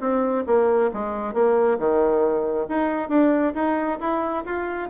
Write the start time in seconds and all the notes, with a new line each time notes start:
0.00 C4
0.47 A#3
0.93 G#3
1.34 A#3
1.79 D#3
2.69 D#4
3.09 D4
3.55 D#4
4.00 E4
4.45 F4